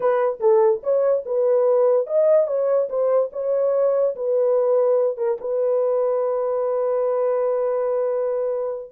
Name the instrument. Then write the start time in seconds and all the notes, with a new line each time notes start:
horn
0.00 B4
0.40 A4
0.83 C#5
1.25 B4
2.06 D#5
2.47 C#5
2.89 C5
3.32 C#5
4.15 B4
5.17 A#4
5.40 B4